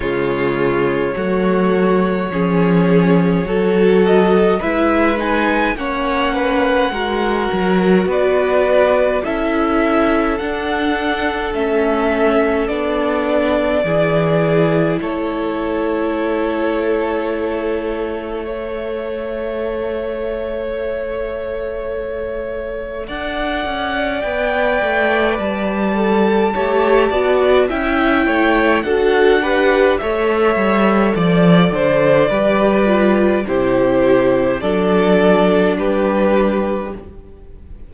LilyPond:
<<
  \new Staff \with { instrumentName = "violin" } { \time 4/4 \tempo 4 = 52 cis''2.~ cis''8 dis''8 | e''8 gis''8 fis''2 d''4 | e''4 fis''4 e''4 d''4~ | d''4 cis''2. |
e''1 | fis''4 g''4 a''2 | g''4 fis''4 e''4 d''4~ | d''4 c''4 d''4 b'4 | }
  \new Staff \with { instrumentName = "violin" } { \time 4/4 f'4 fis'4 gis'4 a'4 | b'4 cis''8 b'8 ais'4 b'4 | a'1 | gis'4 a'2. |
cis''1 | d''2. cis''8 d''8 | e''8 cis''8 a'8 b'8 cis''4 d''8 c''8 | b'4 g'4 a'4 g'4 | }
  \new Staff \with { instrumentName = "viola" } { \time 4/4 gis4 a4 cis'4 fis'4 | e'8 dis'8 cis'4 fis'2 | e'4 d'4 cis'4 d'4 | e'1 |
a'1~ | a'4 b'4. a'8 g'8 fis'8 | e'4 fis'8 g'8 a'2 | g'8 f'8 e'4 d'2 | }
  \new Staff \with { instrumentName = "cello" } { \time 4/4 cis4 fis4 f4 fis4 | gis4 ais4 gis8 fis8 b4 | cis'4 d'4 a4 b4 | e4 a2.~ |
a1 | d'8 cis'8 b8 a8 g4 a8 b8 | cis'8 a8 d'4 a8 g8 f8 d8 | g4 c4 fis4 g4 | }
>>